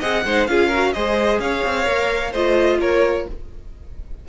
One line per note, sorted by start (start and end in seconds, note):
0.00 0.25 C4
0.00 0.25 G#4
0.00 0.23 D#5
0.00 0.47 F#5
0.25 0.48 G#3
0.25 0.49 D#4
0.25 0.50 C5
0.47 0.95 C#4
0.47 0.72 F4
0.47 0.68 G#4
0.47 0.93 F5
0.68 0.95 F#4
0.68 0.91 A#4
0.93 1.40 G#3
0.93 1.85 G#4
0.93 1.42 C5
0.93 1.39 D#5
1.40 1.63 C#4
1.40 2.32 C#5
1.40 2.34 F5
1.65 1.87 C4
1.85 2.33 A#3
1.85 2.32 A#4
2.32 2.79 A3
2.32 3.28 F4
2.32 2.78 C5
2.32 2.81 D#5
2.79 3.26 A#3
2.79 3.27 A#4
2.79 3.28 C#5